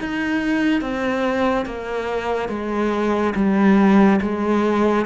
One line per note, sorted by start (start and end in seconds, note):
0.00 0.81 D#4
0.81 1.66 C4
1.66 2.49 A#3
2.49 3.33 G#3
3.35 4.20 G3
4.21 5.06 G#3